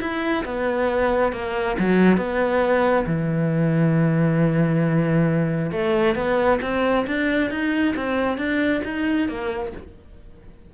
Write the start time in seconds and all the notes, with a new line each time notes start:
0.00 E4
0.45 B3
1.32 A#3
1.79 F#3
2.17 B3
3.06 E3
5.71 A3
6.15 B3
6.62 C4
7.07 D4
7.50 D#4
7.96 C4
8.37 D4
8.84 D#4
9.28 A#3